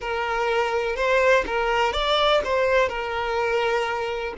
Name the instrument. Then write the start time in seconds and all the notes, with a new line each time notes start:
violin
0.00 A#4
0.96 C5
1.46 A#4
1.92 D5
2.44 C5
2.88 A#4